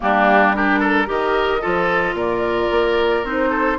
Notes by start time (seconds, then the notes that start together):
0.00 G3 A#3 D4 G4
0.54 D4 G4 A#4
0.79 A4
1.06 D#3 G4 A#4 D#5
1.61 F3 F4 A4
2.13 A#2 A#4 D5
2.70 A#3
3.23 C4 D#4 C5
3.50 A4